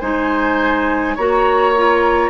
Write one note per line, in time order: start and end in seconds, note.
0.00 1.17 G#3
0.00 1.17 D#4
0.00 1.15 C5
0.00 1.16 G#5
1.16 2.30 A#3
1.16 1.76 F#4
1.16 2.30 C#5
1.16 2.30 A#5
1.77 2.30 F4